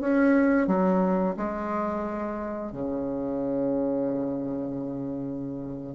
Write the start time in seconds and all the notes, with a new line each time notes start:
0.00 C#4
0.67 F#3
1.36 G#3
2.72 C#3